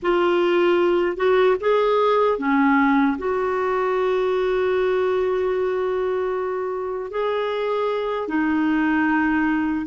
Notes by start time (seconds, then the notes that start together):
0.02 F4
1.16 F#4
1.60 G#4
2.38 C#4
3.18 F#4
7.11 G#4
8.28 D#4